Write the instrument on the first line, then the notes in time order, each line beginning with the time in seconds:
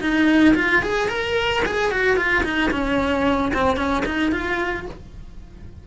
cello
0.00 D#4
0.55 F4
0.82 G#4
1.08 A#4
1.65 G#4
1.91 F#4
2.16 F4
2.43 D#4
2.71 C#4
3.53 C4
3.76 C#4
4.05 D#4
4.31 F4